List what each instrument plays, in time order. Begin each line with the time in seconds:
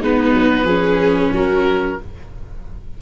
0.00 tuba G#3, viola B3 D#4, oboe B4
0.33 tuba F#3
0.63 tuba F3, viola C#4 G#4
1.32 tuba F#3, viola F#4, oboe A#4